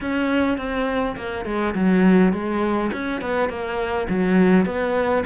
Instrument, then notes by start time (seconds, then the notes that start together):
cello
0.00 C#4
0.57 C4
1.16 A#3
1.45 G#3
1.74 F#3
2.32 G#3
2.92 C#4
3.21 B3
3.49 A#3
4.09 F#3
4.65 B3